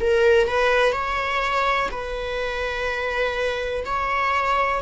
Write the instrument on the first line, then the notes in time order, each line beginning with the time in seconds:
viola
0.00 A#4
0.48 B4
0.92 C#5
1.91 B4
3.85 C#5